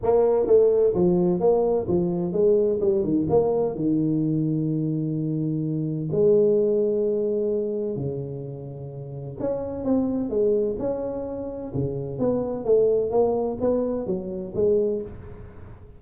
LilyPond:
\new Staff \with { instrumentName = "tuba" } { \time 4/4 \tempo 4 = 128 ais4 a4 f4 ais4 | f4 gis4 g8 dis8 ais4 | dis1~ | dis4 gis2.~ |
gis4 cis2. | cis'4 c'4 gis4 cis'4~ | cis'4 cis4 b4 a4 | ais4 b4 fis4 gis4 | }